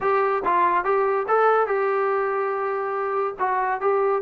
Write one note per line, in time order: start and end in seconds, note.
0.01 0.43 G4
0.44 0.84 F4
0.84 1.26 G4
1.28 1.66 A4
1.66 3.34 G4
3.39 3.80 F#4
3.80 4.22 G4